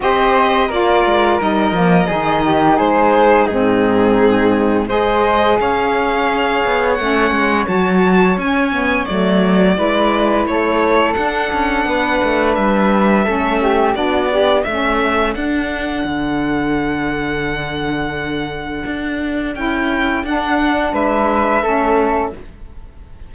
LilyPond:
<<
  \new Staff \with { instrumentName = "violin" } { \time 4/4 \tempo 4 = 86 dis''4 d''4 dis''2 | c''4 gis'2 dis''4 | f''2 fis''4 a''4 | gis''4 d''2 cis''4 |
fis''2 e''2 | d''4 e''4 fis''2~ | fis''1 | g''4 fis''4 e''2 | }
  \new Staff \with { instrumentName = "flute" } { \time 4/4 c''4 ais'2 gis'8 g'8 | gis'4 dis'2 c''4 | cis''1~ | cis''2 b'4 a'4~ |
a'4 b'2 a'8 g'8 | fis'8 d'8 a'2.~ | a'1~ | a'2 b'4 a'4 | }
  \new Staff \with { instrumentName = "saxophone" } { \time 4/4 g'4 f'4 dis'8 ais8 dis'4~ | dis'4 c'2 gis'4~ | gis'2 cis'4 fis'4 | cis'8 b8 a4 e'2 |
d'2. cis'4 | d'8 g'8 cis'4 d'2~ | d'1 | e'4 d'2 cis'4 | }
  \new Staff \with { instrumentName = "cello" } { \time 4/4 c'4 ais8 gis8 g8 f8 dis4 | gis4 gis,2 gis4 | cis'4. b8 a8 gis8 fis4 | cis'4 fis4 gis4 a4 |
d'8 cis'8 b8 a8 g4 a4 | b4 a4 d'4 d4~ | d2. d'4 | cis'4 d'4 gis4 a4 | }
>>